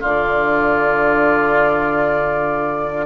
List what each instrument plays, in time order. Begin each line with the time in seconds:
0.00 bassoon D3, clarinet D4, oboe F4, flute D5